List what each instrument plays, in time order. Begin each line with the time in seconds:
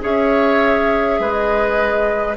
0.00 bassoon C#4, clarinet G#4, oboe C#5, flute E5
1.19 bassoon G#3, oboe B4
1.32 flute D#5